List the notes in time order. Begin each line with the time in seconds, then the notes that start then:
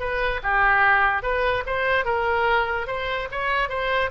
0.00 B4
0.43 G4
1.23 B4
1.66 C5
2.05 A#4
2.87 C5
3.32 C#5
3.69 C5